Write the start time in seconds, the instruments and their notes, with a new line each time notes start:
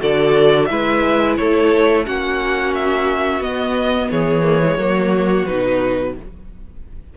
0.00 cello D3, viola F#4, violin A4 D5
0.66 cello G#3, viola E4, violin B4 E5
1.37 cello A3, violin A4 C#5
2.06 cello A#3, viola C#4, violin F#4 F#5
2.75 violin E5
3.40 cello B3, viola B3, violin D#5
4.10 cello E3, violin G#4 C#5
4.43 viola A#3
4.63 viola G#3
4.77 cello F#3, viola A#3, violin F#4
5.46 cello B2, viola D#4, violin B4